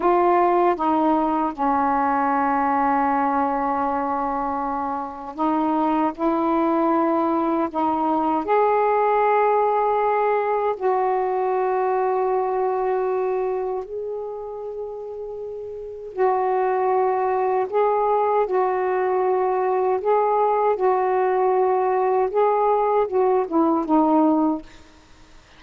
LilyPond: \new Staff \with { instrumentName = "saxophone" } { \time 4/4 \tempo 4 = 78 f'4 dis'4 cis'2~ | cis'2. dis'4 | e'2 dis'4 gis'4~ | gis'2 fis'2~ |
fis'2 gis'2~ | gis'4 fis'2 gis'4 | fis'2 gis'4 fis'4~ | fis'4 gis'4 fis'8 e'8 dis'4 | }